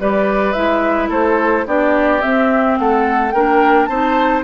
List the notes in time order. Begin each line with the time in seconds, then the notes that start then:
0.00 G3 G4 B4 D5
0.53 G#3 E4 E5
1.09 A3 A4 C5
1.66 B3 D4 G4 D5
2.21 C4 E5
2.79 A3 A4 F#5
3.31 A#3 D4 A#4 G5
3.86 C4 D#4 C5 A5